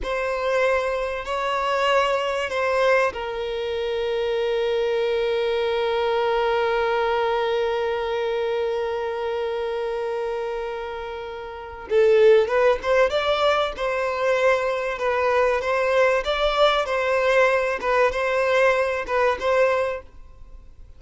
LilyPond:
\new Staff \with { instrumentName = "violin" } { \time 4/4 \tempo 4 = 96 c''2 cis''2 | c''4 ais'2.~ | ais'1~ | ais'1~ |
ais'2. a'4 | b'8 c''8 d''4 c''2 | b'4 c''4 d''4 c''4~ | c''8 b'8 c''4. b'8 c''4 | }